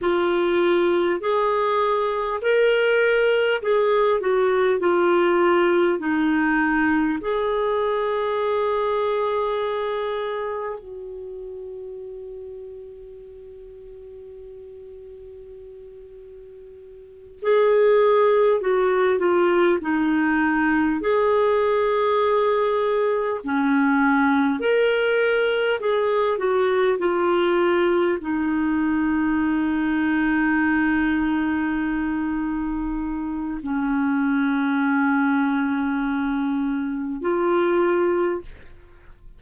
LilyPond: \new Staff \with { instrumentName = "clarinet" } { \time 4/4 \tempo 4 = 50 f'4 gis'4 ais'4 gis'8 fis'8 | f'4 dis'4 gis'2~ | gis'4 fis'2.~ | fis'2~ fis'8 gis'4 fis'8 |
f'8 dis'4 gis'2 cis'8~ | cis'8 ais'4 gis'8 fis'8 f'4 dis'8~ | dis'1 | cis'2. f'4 | }